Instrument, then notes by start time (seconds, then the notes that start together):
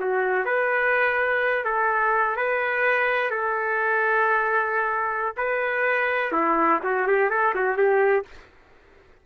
trumpet
0.00 F#4
0.46 B4
1.65 A4
2.37 B4
3.31 A4
5.37 B4
6.33 E4
6.84 F#4
7.08 G4
7.30 A4
7.55 F#4
7.78 G4